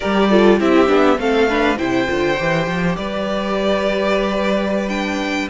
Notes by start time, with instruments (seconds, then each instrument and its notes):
0.00 cello G3, viola G4, violin A#4 D5
0.29 viola F4, violin A4
0.58 cello C4, viola E4, violin G4 E5
0.87 cello B3, viola D4
1.18 cello A3, viola C4, violin A4 F5
1.49 viola D4, violin B4
1.77 cello C3, viola E4, violin C5 G5
2.07 cello D3, viola F4
2.37 cello E3, viola G4
2.67 cello F3
2.96 cello G3, violin B4 D5
4.88 viola D4, violin G5